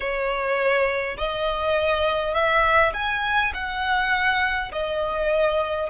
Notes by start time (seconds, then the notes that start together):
0.00 C#5
1.17 D#5
2.34 E5
2.94 G#5
3.53 F#5
4.72 D#5